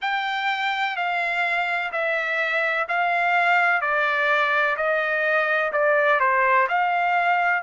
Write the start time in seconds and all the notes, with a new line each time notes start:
0.01 G5
0.96 F5
1.91 E5
2.88 F5
3.81 D5
4.76 D#5
5.72 D5
6.19 C5
6.68 F5